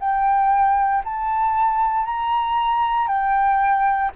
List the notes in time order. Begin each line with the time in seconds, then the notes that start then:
0.00 G5
1.04 A5
2.05 A#5
3.08 G5